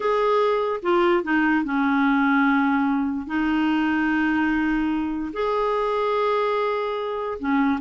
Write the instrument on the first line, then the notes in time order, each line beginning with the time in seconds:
clarinet
0.00 G#4
0.82 F4
1.23 D#4
1.64 C#4
3.26 D#4
5.33 G#4
7.39 C#4